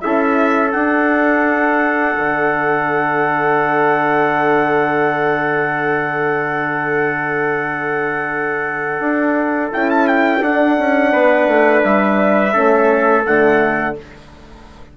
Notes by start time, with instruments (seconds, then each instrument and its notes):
0.00 bassoon C#4, horn E4, trumpet A4 E5
0.71 horn D4, bassoon D4, trumpet F#5
2.16 bassoon D3
9.00 bassoon D4
9.72 bassoon C#4, horn E4, trumpet G5
9.90 trumpet A5
10.07 trumpet G5
10.41 bassoon D4, horn D4, trumpet F#5
10.78 bassoon C#4
11.11 bassoon B3, trumpet B4
11.47 bassoon A3
11.83 bassoon G3, trumpet E5
12.52 bassoon A3, horn C#4, trumpet A4
13.25 bassoon D3, horn A3, trumpet F#5